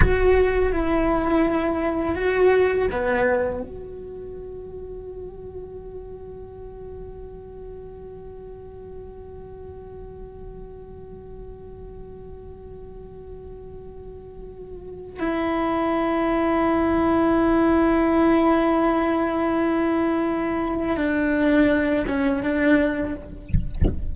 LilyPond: \new Staff \with { instrumentName = "cello" } { \time 4/4 \tempo 4 = 83 fis'4 e'2 fis'4 | b4 fis'2.~ | fis'1~ | fis'1~ |
fis'1~ | fis'4 e'2.~ | e'1~ | e'4 d'4. cis'8 d'4 | }